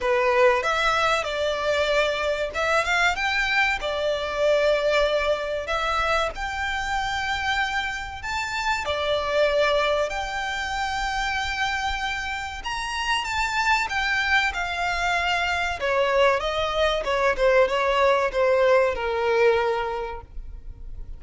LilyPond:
\new Staff \with { instrumentName = "violin" } { \time 4/4 \tempo 4 = 95 b'4 e''4 d''2 | e''8 f''8 g''4 d''2~ | d''4 e''4 g''2~ | g''4 a''4 d''2 |
g''1 | ais''4 a''4 g''4 f''4~ | f''4 cis''4 dis''4 cis''8 c''8 | cis''4 c''4 ais'2 | }